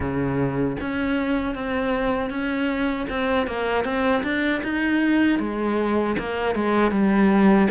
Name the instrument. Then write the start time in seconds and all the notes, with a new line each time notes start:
cello
0.00 C#3
0.80 C#4
1.54 C4
2.29 C#4
3.09 C4
3.47 A#3
3.84 C4
4.23 D4
4.63 D#4
5.39 G#3
6.18 A#3
6.55 G#3
6.91 G3